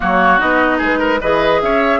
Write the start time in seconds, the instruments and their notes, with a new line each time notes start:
0.00 bassoon F#3, clarinet A#3, oboe F#4, flute C#5
0.38 bassoon B3, clarinet D#4, flute D#5
0.78 bassoon G#3, oboe G#4
0.84 flute B4
0.99 oboe A#4
1.20 bassoon E3, clarinet G#4, oboe B4, flute D#5
1.61 bassoon C#4, oboe C#5, flute E5